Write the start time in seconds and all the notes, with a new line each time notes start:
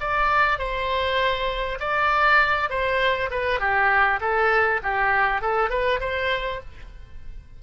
0.00 D5
0.59 C5
1.80 D5
2.70 C5
3.31 B4
3.60 G4
4.21 A4
4.83 G4
5.41 A4
5.70 B4
6.01 C5